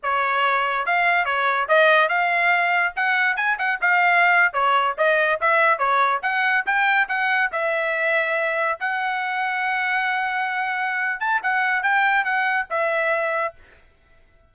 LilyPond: \new Staff \with { instrumentName = "trumpet" } { \time 4/4 \tempo 4 = 142 cis''2 f''4 cis''4 | dis''4 f''2 fis''4 | gis''8 fis''8 f''4.~ f''16 cis''4 dis''16~ | dis''8. e''4 cis''4 fis''4 g''16~ |
g''8. fis''4 e''2~ e''16~ | e''8. fis''2.~ fis''16~ | fis''2~ fis''8 a''8 fis''4 | g''4 fis''4 e''2 | }